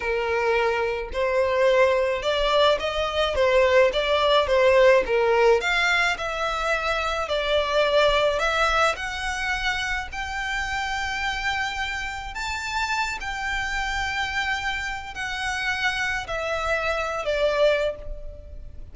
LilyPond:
\new Staff \with { instrumentName = "violin" } { \time 4/4 \tempo 4 = 107 ais'2 c''2 | d''4 dis''4 c''4 d''4 | c''4 ais'4 f''4 e''4~ | e''4 d''2 e''4 |
fis''2 g''2~ | g''2 a''4. g''8~ | g''2. fis''4~ | fis''4 e''4.~ e''16 d''4~ d''16 | }